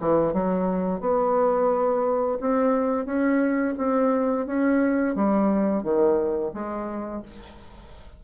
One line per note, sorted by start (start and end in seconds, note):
0.00 0.33 E3
0.33 1.00 F#3
1.00 2.38 B3
2.40 3.05 C4
3.05 3.74 C#4
3.77 4.46 C4
4.46 5.15 C#4
5.15 5.83 G3
5.83 6.52 D#3
6.53 7.22 G#3